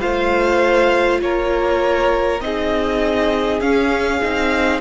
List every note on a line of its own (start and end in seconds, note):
0.00 1.22 A3
0.00 2.40 F4
0.00 1.20 C5
0.00 1.21 F5
1.22 2.41 A#3
1.22 2.44 A#4
1.22 2.41 C#5
2.41 3.61 C4
2.41 3.61 D#4
2.41 4.81 G#4
2.41 3.61 D#5
3.61 4.21 C#4
3.61 4.81 F5
4.23 4.81 C4
4.23 4.81 D#4